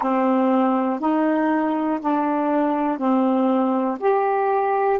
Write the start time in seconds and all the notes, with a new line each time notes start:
0.01 C4
1.00 D#4
2.00 D4
2.98 C4
4.00 G4